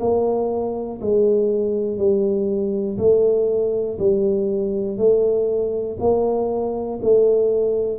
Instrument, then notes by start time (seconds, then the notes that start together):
tuba
0.00 A#3
1.01 G#3
1.98 G3
2.98 A3
3.99 G3
4.97 A3
6.00 A#3
7.02 A3